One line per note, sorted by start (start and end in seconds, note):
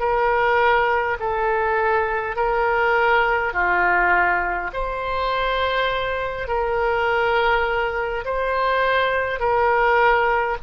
0.00 1.18 A#4
1.20 2.36 A4
2.36 3.53 A#4
3.53 4.71 F4
4.73 6.48 C5
6.48 8.25 A#4
8.25 9.40 C5
9.40 10.57 A#4